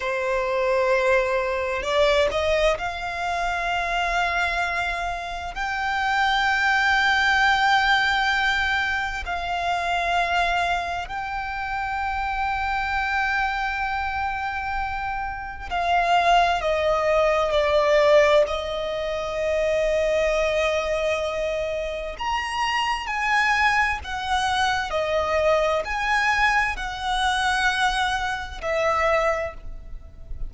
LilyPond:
\new Staff \with { instrumentName = "violin" } { \time 4/4 \tempo 4 = 65 c''2 d''8 dis''8 f''4~ | f''2 g''2~ | g''2 f''2 | g''1~ |
g''4 f''4 dis''4 d''4 | dis''1 | ais''4 gis''4 fis''4 dis''4 | gis''4 fis''2 e''4 | }